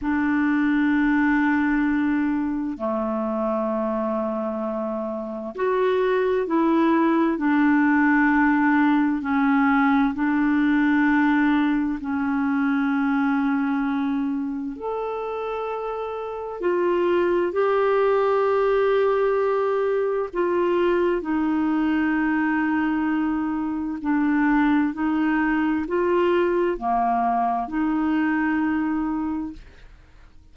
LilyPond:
\new Staff \with { instrumentName = "clarinet" } { \time 4/4 \tempo 4 = 65 d'2. a4~ | a2 fis'4 e'4 | d'2 cis'4 d'4~ | d'4 cis'2. |
a'2 f'4 g'4~ | g'2 f'4 dis'4~ | dis'2 d'4 dis'4 | f'4 ais4 dis'2 | }